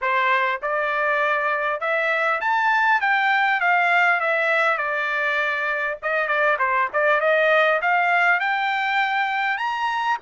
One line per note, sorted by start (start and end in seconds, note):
0.01 0.61 C5
0.62 1.80 D5
1.80 2.40 E5
2.41 3.00 A5
3.00 3.60 G5
3.60 4.20 F5
4.20 4.77 E5
4.77 5.97 D5
6.02 6.27 D#5
6.27 6.57 D5
6.58 6.88 C5
6.93 7.20 D5
7.20 7.80 D#5
7.81 8.39 F5
8.39 9.57 G5
9.57 10.17 A#5